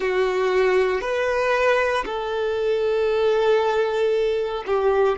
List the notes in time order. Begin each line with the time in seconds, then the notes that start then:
0.00 F#4
1.01 B4
2.05 A4
4.66 G4